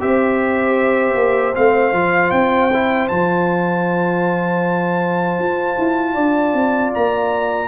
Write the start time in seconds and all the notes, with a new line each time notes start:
0.00 C4 G4 C5 E5
1.15 A#3
1.55 A3 C4 F5
1.93 F3 F4
2.31 C4 G5
2.73 E4
3.08 F3 F4 A5
5.38 F4
5.78 E4
6.14 D4 D5
6.54 C4
6.94 A#3 A#5